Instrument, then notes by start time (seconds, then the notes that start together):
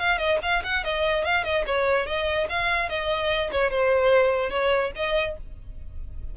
violin
0.00 F5
0.18 D#5
0.43 F5
0.64 F#5
0.84 D#5
1.25 F5
1.44 D#5
1.66 C#5
2.07 D#5
2.49 F5
2.89 D#5
3.52 C#5
3.71 C5
4.50 C#5
4.96 D#5